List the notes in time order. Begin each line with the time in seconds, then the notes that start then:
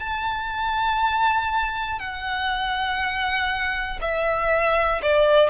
0.00 A5
2.00 F#5
4.01 E5
5.02 D5